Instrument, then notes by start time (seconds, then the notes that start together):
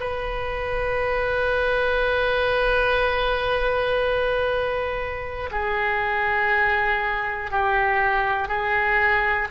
oboe
0.00 B4
5.51 G#4
7.50 G4
8.48 G#4